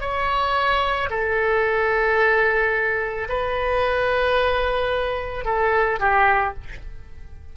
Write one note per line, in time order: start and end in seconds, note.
0.00 1.09 C#5
1.10 3.28 A4
3.29 5.44 B4
5.44 5.99 A4
6.00 6.54 G4